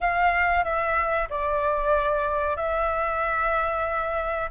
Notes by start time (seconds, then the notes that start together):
0.00 F5
0.63 E5
1.29 D5
2.56 E5